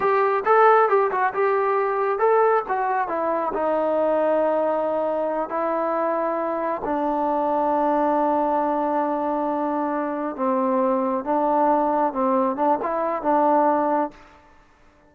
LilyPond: \new Staff \with { instrumentName = "trombone" } { \time 4/4 \tempo 4 = 136 g'4 a'4 g'8 fis'8 g'4~ | g'4 a'4 fis'4 e'4 | dis'1~ | dis'8 e'2. d'8~ |
d'1~ | d'2.~ d'8 c'8~ | c'4. d'2 c'8~ | c'8 d'8 e'4 d'2 | }